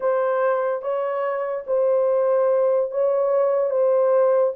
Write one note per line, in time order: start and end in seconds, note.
0.00 0.82 C5
0.82 1.64 C#5
1.66 2.91 C5
2.91 3.70 C#5
3.70 4.53 C5